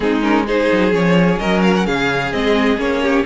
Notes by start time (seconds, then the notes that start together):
0.00 G#3 C4 D#4 G#4
0.22 C#4 A#4
0.47 D#4 G#4 C5
0.72 F#3
0.91 F3 C#4 C#5
1.38 F#3 A#4 D#5
1.62 F5
1.76 F#5
1.86 C#3 G#4 F5
2.32 G#3 C4 D#5
2.77 A#3 C#4 C#5
3.02 G4